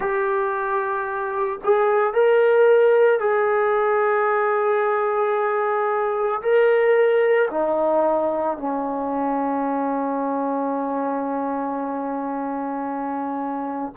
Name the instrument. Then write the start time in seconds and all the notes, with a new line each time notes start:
trombone
0.00 G4
1.64 G#4
2.13 A#4
3.19 G#4
6.41 A#4
7.50 D#4
8.57 C#4